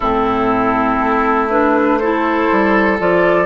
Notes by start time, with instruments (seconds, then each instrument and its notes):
0.00 bassoon A2, clarinet C4, oboe E4, flute A4
0.99 bassoon A3
1.50 clarinet D4, flute B4
1.98 clarinet E4, oboe A4, flute C5
2.51 bassoon G3
2.98 bassoon F3, clarinet F4, flute D5